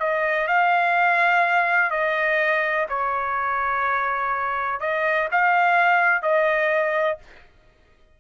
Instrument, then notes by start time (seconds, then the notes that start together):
trumpet
0.00 D#5
0.48 F5
1.91 D#5
2.89 C#5
4.81 D#5
5.31 F5
6.22 D#5